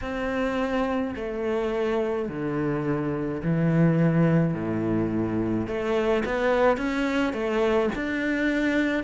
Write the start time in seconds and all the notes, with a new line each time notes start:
0.01 C4
1.15 A3
2.28 D3
3.42 E3
4.54 A2
5.67 A3
6.25 B3
6.77 C#4
7.33 A3
7.95 D4